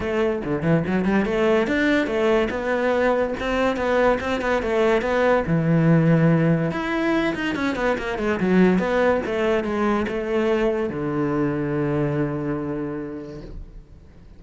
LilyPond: \new Staff \with { instrumentName = "cello" } { \time 4/4 \tempo 4 = 143 a4 d8 e8 fis8 g8 a4 | d'4 a4 b2 | c'4 b4 c'8 b8 a4 | b4 e2. |
e'4. dis'8 cis'8 b8 ais8 gis8 | fis4 b4 a4 gis4 | a2 d2~ | d1 | }